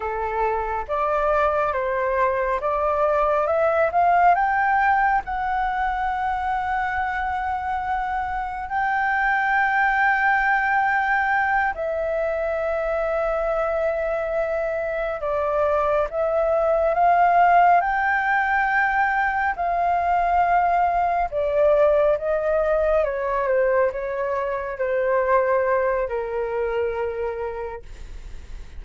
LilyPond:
\new Staff \with { instrumentName = "flute" } { \time 4/4 \tempo 4 = 69 a'4 d''4 c''4 d''4 | e''8 f''8 g''4 fis''2~ | fis''2 g''2~ | g''4. e''2~ e''8~ |
e''4. d''4 e''4 f''8~ | f''8 g''2 f''4.~ | f''8 d''4 dis''4 cis''8 c''8 cis''8~ | cis''8 c''4. ais'2 | }